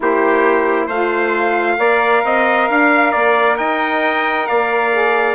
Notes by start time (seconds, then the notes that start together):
0.00 A#3 E4 G4 C5
0.86 A3 F4 C5 F5
1.77 A#3 A#4 D5
2.24 C4 D#5
2.69 D4 F5
3.11 A#3 D5
3.57 D#4 D#5 G5
4.46 A#3 D5 F5
4.92 G#4